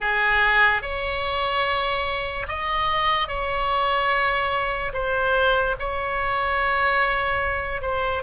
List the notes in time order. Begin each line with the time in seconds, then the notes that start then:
0.00 G#4
0.82 C#5
2.48 D#5
3.28 C#5
4.93 C5
5.79 C#5
7.81 C5